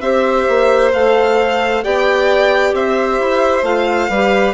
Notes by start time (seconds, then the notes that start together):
0.00 C4 G4 C5 E5
0.48 A#3
0.92 A3 A4 F5
1.83 B3 G4 D5 G5
2.73 C4 C5 E5
3.20 E4
3.63 A3 F4 F5
4.09 G3 G4 B4